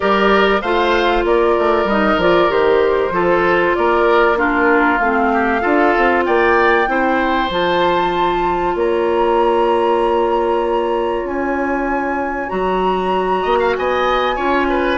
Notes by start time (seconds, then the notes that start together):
0.00 G3 G4 A#4 D5
0.61 A3 F4 C5 F5
1.24 A#3 A#4 D5
1.58 A3
1.84 G3 D#4 D#5
2.17 F3 F4 D5
2.48 D#3 G4 C5
3.10 F3 F4 A4
3.75 A#3 A#4 D5
4.35 D4 F4 A#4
4.98 A3 C4 F5
5.33 G4
5.60 D4 F4 A4
5.96 C4
6.24 A#3 D5 G5
6.86 C4 E4 C5
7.49 F3 F4 A5
8.74 A#3 C#5 A#5
11.23 C#4 G#5
12.48 F#3 F#4 A#5
13.42 A#3 D#5
13.59 F5
13.77 B3 D#5 G#5
14.35 C#4 F4 C#5
14.69 B4